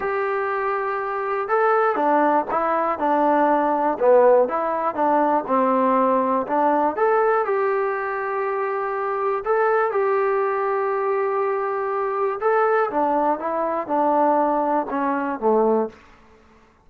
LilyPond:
\new Staff \with { instrumentName = "trombone" } { \time 4/4 \tempo 4 = 121 g'2. a'4 | d'4 e'4 d'2 | b4 e'4 d'4 c'4~ | c'4 d'4 a'4 g'4~ |
g'2. a'4 | g'1~ | g'4 a'4 d'4 e'4 | d'2 cis'4 a4 | }